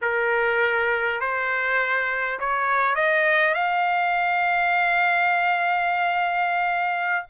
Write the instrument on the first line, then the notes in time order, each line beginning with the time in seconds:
trumpet
0.01 A#4
1.20 C5
2.39 C#5
2.95 D#5
3.54 F5